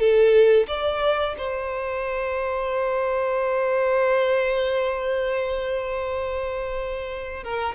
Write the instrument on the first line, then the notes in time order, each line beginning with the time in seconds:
violin
0.00 A4
0.68 D5
1.38 C5
7.44 A#4